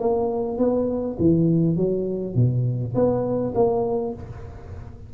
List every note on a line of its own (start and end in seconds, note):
0.00 0.58 A#3
0.58 1.17 B3
1.19 1.77 E3
1.77 2.35 F#3
2.35 2.94 B2
2.95 3.54 B3
3.55 4.14 A#3